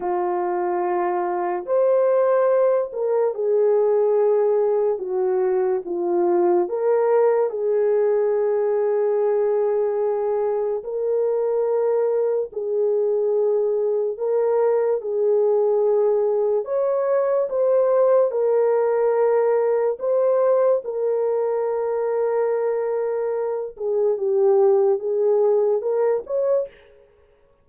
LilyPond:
\new Staff \with { instrumentName = "horn" } { \time 4/4 \tempo 4 = 72 f'2 c''4. ais'8 | gis'2 fis'4 f'4 | ais'4 gis'2.~ | gis'4 ais'2 gis'4~ |
gis'4 ais'4 gis'2 | cis''4 c''4 ais'2 | c''4 ais'2.~ | ais'8 gis'8 g'4 gis'4 ais'8 cis''8 | }